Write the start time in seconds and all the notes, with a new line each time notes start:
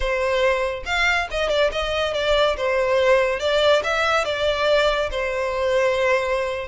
0.00 C5
0.85 F5
1.30 D#5
1.49 D5
1.72 D#5
2.13 D5
2.56 C5
3.39 D5
3.83 E5
4.24 D5
5.10 C5